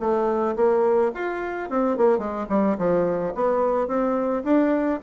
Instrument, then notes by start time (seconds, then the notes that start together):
bassoon
0.00 A3
0.56 A#3
1.15 F4
1.70 C4
1.97 A#3
2.18 G#3
2.49 G3
2.78 F3
3.35 B3
3.88 C4
4.44 D4